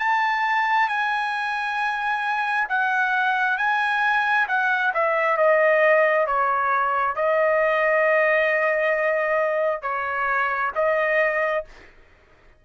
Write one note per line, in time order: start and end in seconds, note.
0.00 0.89 A5
0.89 2.68 G#5
2.69 3.58 F#5
3.58 4.48 G#5
4.49 4.93 F#5
4.95 5.38 E5
5.38 6.27 D#5
6.27 7.16 C#5
7.16 9.83 D#5
9.83 10.72 C#5
10.76 11.65 D#5